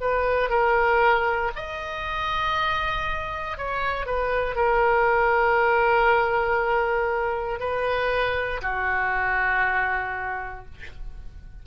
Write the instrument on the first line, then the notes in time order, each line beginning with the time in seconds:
oboe
0.00 B4
0.49 A#4
1.55 D#5
3.57 C#5
4.06 B4
4.55 A#4
7.59 B4
8.62 F#4